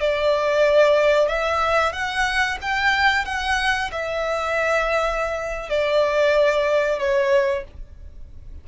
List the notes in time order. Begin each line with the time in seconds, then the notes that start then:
0.00 D5
1.28 E5
1.92 F#5
2.61 G5
3.25 F#5
3.91 E5
5.69 D5
6.99 C#5